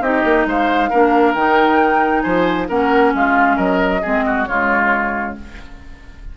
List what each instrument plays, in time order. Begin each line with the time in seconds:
0.00 bassoon C4, clarinet D#4, oboe G4, flute D#5
0.24 bassoon A#3
0.45 bassoon G#3, oboe C5, flute F5
0.90 bassoon A#3, clarinet D4, oboe A#4
1.34 bassoon D#3, clarinet D#4, flute G5
2.21 bassoon F3, oboe C5, flute G#5
2.68 bassoon A#3, clarinet C#4, oboe A#4, flute F#5
3.14 bassoon G#3, oboe F4, flute F5
3.56 bassoon F#3, oboe A#4, flute D#5
4.01 bassoon G#3, clarinet C4, oboe G#4
4.26 oboe F#4
4.45 bassoon C#3, clarinet G#3, oboe F4, flute C#5